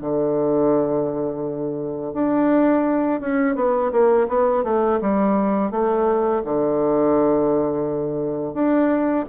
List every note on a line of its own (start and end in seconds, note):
0.00 2.13 D3
2.13 3.20 D4
3.20 3.55 C#4
3.55 3.91 B3
3.92 4.27 A#3
4.28 4.63 B3
4.64 4.99 A3
5.01 5.70 G3
5.70 6.42 A3
6.44 8.54 D3
8.54 9.25 D4